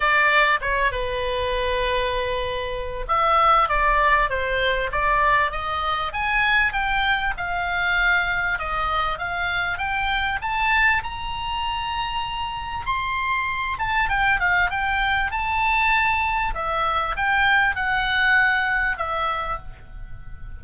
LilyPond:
\new Staff \with { instrumentName = "oboe" } { \time 4/4 \tempo 4 = 98 d''4 cis''8 b'2~ b'8~ | b'4 e''4 d''4 c''4 | d''4 dis''4 gis''4 g''4 | f''2 dis''4 f''4 |
g''4 a''4 ais''2~ | ais''4 c'''4. a''8 g''8 f''8 | g''4 a''2 e''4 | g''4 fis''2 e''4 | }